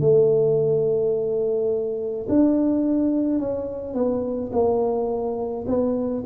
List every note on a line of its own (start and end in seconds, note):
0.00 2.26 A3
2.28 3.39 D4
3.39 3.94 C#4
3.94 4.50 B3
4.52 5.65 A#3
5.67 6.23 B3